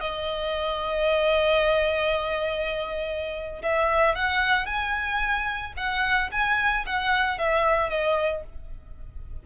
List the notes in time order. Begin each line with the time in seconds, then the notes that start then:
0.00 D#5
3.62 E5
4.15 F#5
4.66 G#5
5.76 F#5
6.31 G#5
6.85 F#5
7.38 E5
7.89 D#5